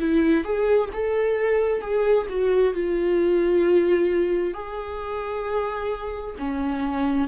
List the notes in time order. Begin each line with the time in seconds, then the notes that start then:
0.00 E4
0.44 G#4
0.93 A4
1.81 G#4
2.29 F#4
2.74 F4
4.54 G#4
6.39 C#4